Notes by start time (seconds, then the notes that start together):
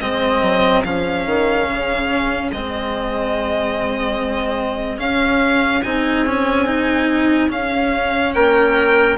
0.00 G#3 C4 G#4 D#5
0.42 F#3
0.84 F3 C#4 F5
1.26 D#3
1.69 C#3
2.52 G#3 C4 D#5
4.98 C#4 F5
5.83 C4 D#4 G#5
6.26 C#4
6.66 D#4
7.49 C#4 F5
8.34 A#3 A#4 G5